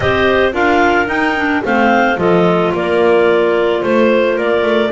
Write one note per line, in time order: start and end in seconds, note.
0.00 0.53 C4
0.00 0.52 G4
0.00 0.54 C5
0.00 0.52 D#5
0.52 1.07 D4
0.52 1.06 F4
0.52 1.63 A#4
0.52 1.07 F5
1.07 1.34 D#4
1.07 1.62 D#4
1.07 1.62 G5
1.35 1.63 D4
1.64 2.17 A3
1.64 2.16 C4
1.64 2.19 C5
1.64 2.18 F5
2.16 2.72 F3
2.16 4.89 F4
2.16 2.73 A4
2.16 2.73 D#5
2.73 3.82 A#3
2.73 3.81 A#4
2.73 3.84 D5
3.81 4.37 A3
3.81 4.35 C5
3.81 4.39 C5
4.35 4.62 A#3
4.35 4.89 A#4
4.35 4.92 D5
4.62 4.90 A3